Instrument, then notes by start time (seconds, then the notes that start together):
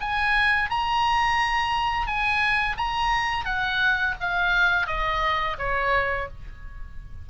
oboe
0.00 G#5
0.70 A#5
2.06 G#5
2.77 A#5
3.45 F#5
4.20 F5
4.87 D#5
5.58 C#5